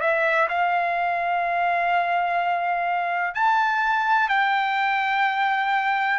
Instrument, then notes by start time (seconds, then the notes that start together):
trumpet
0.00 E5
0.48 F5
3.34 A5
4.29 G5